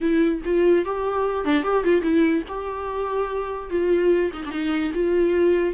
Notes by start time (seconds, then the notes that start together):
0.00 E4
0.44 F4
0.85 G4
1.44 D4
1.63 G4
1.84 F4
2.01 E4
2.48 G4
3.69 F4
4.33 D#4
4.45 D4 D#4
4.94 F4